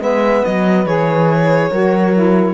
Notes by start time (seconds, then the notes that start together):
0.00 G#3 B3 B4 E5
0.45 F#3 D#5
0.86 E3 G#4 C#5
1.71 F#3 F#4 A#4
2.13 E4